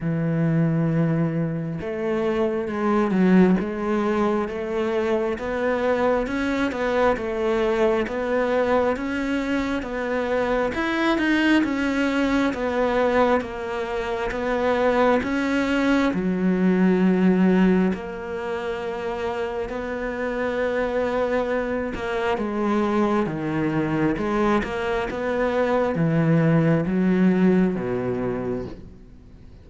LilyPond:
\new Staff \with { instrumentName = "cello" } { \time 4/4 \tempo 4 = 67 e2 a4 gis8 fis8 | gis4 a4 b4 cis'8 b8 | a4 b4 cis'4 b4 | e'8 dis'8 cis'4 b4 ais4 |
b4 cis'4 fis2 | ais2 b2~ | b8 ais8 gis4 dis4 gis8 ais8 | b4 e4 fis4 b,4 | }